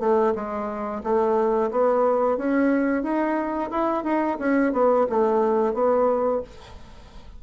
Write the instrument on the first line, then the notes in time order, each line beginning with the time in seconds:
bassoon
0.00 A3
0.35 G#3
1.03 A3
1.71 B3
2.37 C#4
3.03 D#4
3.71 E4
4.04 D#4
4.39 C#4
4.73 B3
5.09 A3
5.74 B3